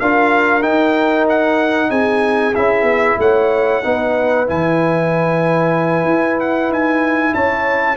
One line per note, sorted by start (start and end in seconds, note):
0.00 0.64 D4
0.00 0.62 F4
0.00 1.90 A#4
0.00 0.63 F5
0.62 2.53 D#4
0.62 1.90 D#4
0.62 1.26 G5
1.29 1.91 F#5
1.90 2.54 C4
1.90 3.17 G#4
1.90 2.55 G#5
2.55 2.83 C#4
2.55 3.83 E4
2.55 3.19 E5
2.83 3.15 B3
3.18 3.82 A3
3.18 3.84 C#5
3.18 4.48 F#5
3.83 4.49 B3
3.83 4.47 D#4
3.83 7.35 B4
4.47 6.05 E3
4.47 7.97 E4
4.47 6.40 G#5
6.05 6.68 E4
6.40 6.72 F#5
6.68 7.32 D#4
6.68 7.34 G#5
7.34 7.97 C#4
7.34 7.97 C#5
7.34 7.97 A5